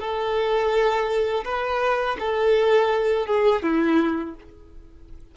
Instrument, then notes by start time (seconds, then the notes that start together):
violin
0.00 A4
1.45 B4
2.20 A4
3.27 G#4
3.63 E4